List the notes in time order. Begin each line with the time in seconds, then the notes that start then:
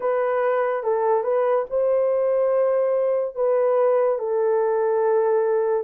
0.00 B4
0.83 A4
1.23 B4
1.70 C5
3.35 B4
4.19 A4